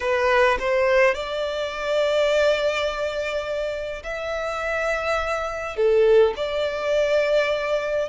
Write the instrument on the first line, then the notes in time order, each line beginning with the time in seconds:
violin
0.00 B4
0.59 C5
1.14 D5
4.03 E5
5.76 A4
6.36 D5